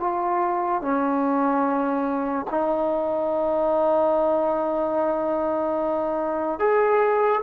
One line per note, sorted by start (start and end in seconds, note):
0.00 0.82 F4
0.82 2.46 C#4
2.51 6.59 D#4
6.59 7.42 G#4